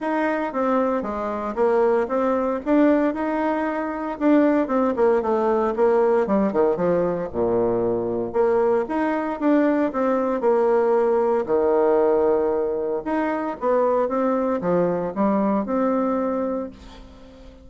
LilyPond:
\new Staff \with { instrumentName = "bassoon" } { \time 4/4 \tempo 4 = 115 dis'4 c'4 gis4 ais4 | c'4 d'4 dis'2 | d'4 c'8 ais8 a4 ais4 | g8 dis8 f4 ais,2 |
ais4 dis'4 d'4 c'4 | ais2 dis2~ | dis4 dis'4 b4 c'4 | f4 g4 c'2 | }